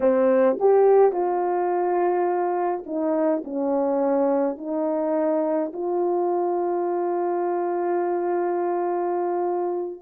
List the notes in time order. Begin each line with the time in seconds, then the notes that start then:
0.00 C4
0.59 G4
1.12 F4
2.86 D#4
3.44 C#4
4.57 D#4
5.73 F4